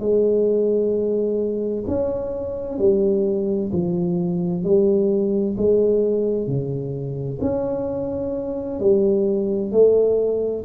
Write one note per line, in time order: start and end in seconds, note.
0.00 1.85 G#3
1.88 2.79 C#4
2.79 3.71 G3
3.73 4.64 F3
4.64 5.56 G3
5.57 6.47 G#3
6.47 7.39 C#3
7.41 8.80 C#4
8.80 9.72 G3
9.72 10.64 A3